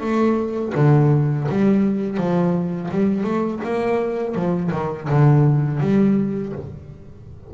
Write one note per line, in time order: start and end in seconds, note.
0.00 0.72 A3
0.75 1.47 D3
1.48 2.17 G3
2.17 2.89 F3
2.91 3.23 G3
3.23 3.59 A3
3.63 4.34 A#3
4.34 4.71 F3
4.72 5.08 D#3
5.09 5.80 D3
5.80 6.52 G3